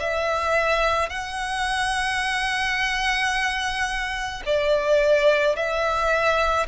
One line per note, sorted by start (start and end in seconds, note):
0.00 1.10 E5
1.10 4.43 F#5
4.46 5.56 D5
5.56 6.67 E5